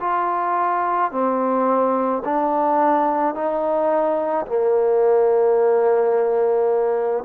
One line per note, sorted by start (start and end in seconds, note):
0.00 1.11 F4
1.11 2.22 C4
2.24 3.34 D4
3.34 4.45 D#4
4.46 7.24 A#3